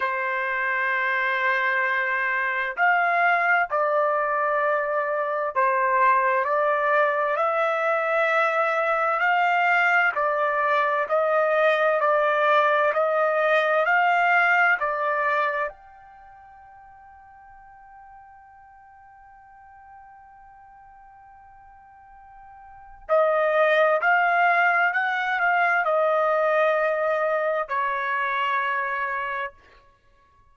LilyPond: \new Staff \with { instrumentName = "trumpet" } { \time 4/4 \tempo 4 = 65 c''2. f''4 | d''2 c''4 d''4 | e''2 f''4 d''4 | dis''4 d''4 dis''4 f''4 |
d''4 g''2.~ | g''1~ | g''4 dis''4 f''4 fis''8 f''8 | dis''2 cis''2 | }